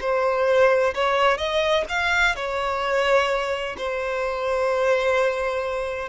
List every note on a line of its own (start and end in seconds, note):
0.00 0.94 C5
0.94 1.37 C#5
1.37 1.84 D#5
1.88 2.35 F5
2.35 3.76 C#5
3.78 6.09 C5